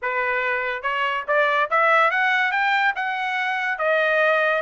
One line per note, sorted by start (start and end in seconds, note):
0.02 0.82 B4
0.82 1.24 C#5
1.27 1.69 D5
1.70 2.10 E5
2.10 2.51 F#5
2.51 2.93 G5
2.95 3.78 F#5
3.78 4.62 D#5